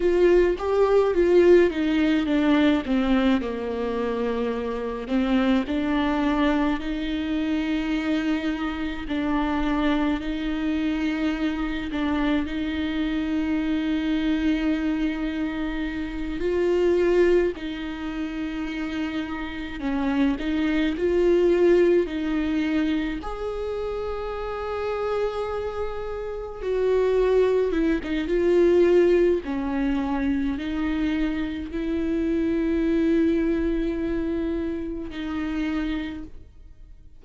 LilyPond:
\new Staff \with { instrumentName = "viola" } { \time 4/4 \tempo 4 = 53 f'8 g'8 f'8 dis'8 d'8 c'8 ais4~ | ais8 c'8 d'4 dis'2 | d'4 dis'4. d'8 dis'4~ | dis'2~ dis'8 f'4 dis'8~ |
dis'4. cis'8 dis'8 f'4 dis'8~ | dis'8 gis'2. fis'8~ | fis'8 e'16 dis'16 f'4 cis'4 dis'4 | e'2. dis'4 | }